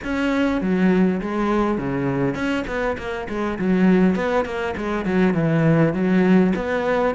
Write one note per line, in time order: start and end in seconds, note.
0.04 0.61 C#4
0.61 1.20 F#3
1.21 1.78 G#3
1.78 2.34 C#3
2.34 2.64 C#4
2.67 2.96 B3
2.97 3.27 A#3
3.28 3.58 G#3
3.58 4.15 F#3
4.15 4.45 B3
4.45 4.74 A#3
4.77 5.05 G#3
5.05 5.34 F#3
5.34 5.93 E3
5.93 6.53 F#3
6.55 7.14 B3